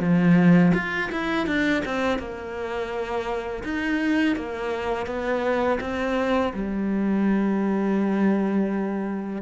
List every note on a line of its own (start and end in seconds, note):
0.00 0.72 F3
0.75 1.11 F4
1.12 1.47 E4
1.47 1.83 D4
1.86 2.19 C4
2.19 3.64 A#3
3.64 4.36 D#4
4.36 5.07 A#3
5.07 5.79 B3
5.81 6.53 C4
6.54 9.42 G3